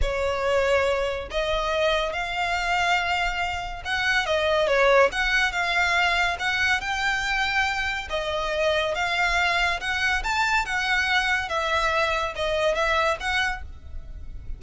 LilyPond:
\new Staff \with { instrumentName = "violin" } { \time 4/4 \tempo 4 = 141 cis''2. dis''4~ | dis''4 f''2.~ | f''4 fis''4 dis''4 cis''4 | fis''4 f''2 fis''4 |
g''2. dis''4~ | dis''4 f''2 fis''4 | a''4 fis''2 e''4~ | e''4 dis''4 e''4 fis''4 | }